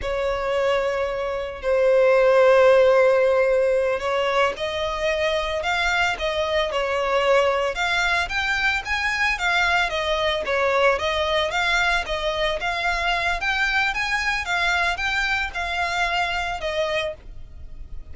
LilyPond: \new Staff \with { instrumentName = "violin" } { \time 4/4 \tempo 4 = 112 cis''2. c''4~ | c''2.~ c''8 cis''8~ | cis''8 dis''2 f''4 dis''8~ | dis''8 cis''2 f''4 g''8~ |
g''8 gis''4 f''4 dis''4 cis''8~ | cis''8 dis''4 f''4 dis''4 f''8~ | f''4 g''4 gis''4 f''4 | g''4 f''2 dis''4 | }